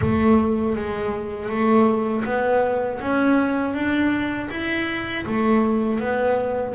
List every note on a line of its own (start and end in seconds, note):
0.01 0.75 A3
0.75 1.49 G#3
1.49 2.24 A3
2.25 3.00 B3
3.00 3.74 C#4
3.74 4.49 D4
4.50 5.25 E4
5.25 5.99 A3
5.99 6.74 B3